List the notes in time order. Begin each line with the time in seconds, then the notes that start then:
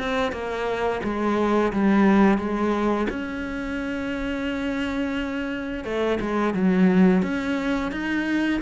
0.00 C4
0.32 A#3
1.04 G#3
1.73 G3
2.39 G#3
3.10 C#4
5.85 A3
6.21 G#3
6.55 F#3
7.23 C#4
7.92 D#4